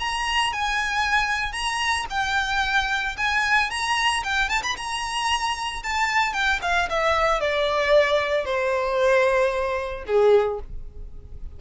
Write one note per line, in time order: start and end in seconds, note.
0.00 0.53 A#5
0.53 1.53 G#5
1.53 2.06 A#5
2.10 3.16 G5
3.17 3.70 G#5
3.70 4.24 A#5
4.24 4.49 G5
4.49 4.63 A5
4.63 4.76 B5
4.77 5.83 A#5
5.83 6.34 A5
6.34 6.60 G5
6.62 6.89 F5
6.90 7.40 E5
7.40 8.45 D5
8.45 10.05 C5
10.07 10.60 G#4